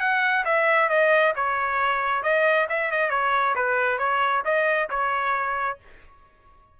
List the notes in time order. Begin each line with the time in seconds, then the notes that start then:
0.00 F#5
0.45 E5
0.89 D#5
1.36 C#5
2.23 D#5
2.69 E5
2.92 D#5
3.10 C#5
3.56 B4
3.99 C#5
4.45 D#5
4.90 C#5